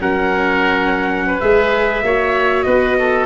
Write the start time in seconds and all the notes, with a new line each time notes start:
0.00 F#3 C#4 A#4 F#5
1.26 B4
1.40 G#3 G#4 E5
2.03 A#3 F#4 C#5
2.62 B3 B4 D#5
2.99 A4